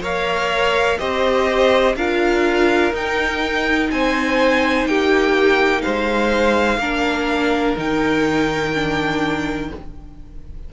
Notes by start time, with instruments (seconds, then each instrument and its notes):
0.00 cello A#3, viola A#4, violin C#5 F5
0.99 cello C4, viola G4, violin C5 D#5
1.96 cello D4, viola F4, violin A#4 F5
2.93 cello D#4, viola D#4, violin G5
3.91 cello C4, violin C5 G#5
4.85 cello A#3, violin G4 G5
5.81 cello G#3, violin C5 F5
6.78 cello A#3, viola D4, violin A#4
7.76 cello D#3, viola D#4, violin G5
8.75 viola D4